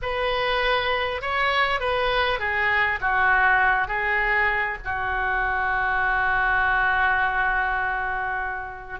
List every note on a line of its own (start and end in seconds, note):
0.02 1.21 B4
1.21 1.79 C#5
1.79 2.39 B4
2.39 2.99 G#4
3.00 3.87 F#4
3.87 4.77 G#4
4.84 9.00 F#4